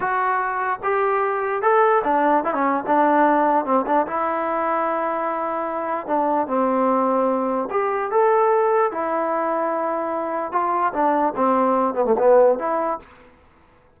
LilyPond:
\new Staff \with { instrumentName = "trombone" } { \time 4/4 \tempo 4 = 148 fis'2 g'2 | a'4 d'4 e'16 cis'8. d'4~ | d'4 c'8 d'8 e'2~ | e'2. d'4 |
c'2. g'4 | a'2 e'2~ | e'2 f'4 d'4 | c'4. b16 a16 b4 e'4 | }